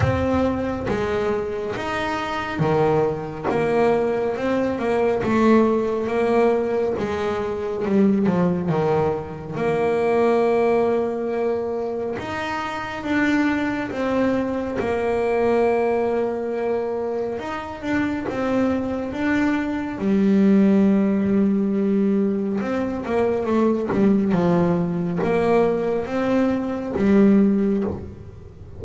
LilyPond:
\new Staff \with { instrumentName = "double bass" } { \time 4/4 \tempo 4 = 69 c'4 gis4 dis'4 dis4 | ais4 c'8 ais8 a4 ais4 | gis4 g8 f8 dis4 ais4~ | ais2 dis'4 d'4 |
c'4 ais2. | dis'8 d'8 c'4 d'4 g4~ | g2 c'8 ais8 a8 g8 | f4 ais4 c'4 g4 | }